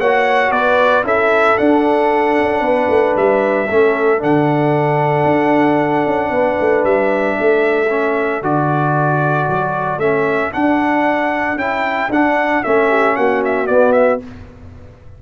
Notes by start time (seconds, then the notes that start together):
0.00 A#3 F#4 C#5 F#5
0.51 B3 B4 D5
1.03 C#4 E4 A4 E5
1.57 D4 F#5
2.38 C#4
2.61 B3 B4
2.89 A3
3.17 G3 E5
3.68 A3 C#4 A4
4.18 D3 D4 F#5
5.25 D4
6.07 C#4
6.30 B3 B4
6.61 A3
6.85 G3 E5
7.39 A3 A4
7.90 C#4
8.43 D3 F#4 D5
9.49 F#3
9.98 A3 C#4 E5
10.52 D4 F#5
11.56 C#4 E4 G5
12.10 D4 F#5
12.64 A3 C#4 E5
12.89 G4
13.17 A#3 F#4 F#5
13.45 E5
13.67 B3 D5
13.92 E5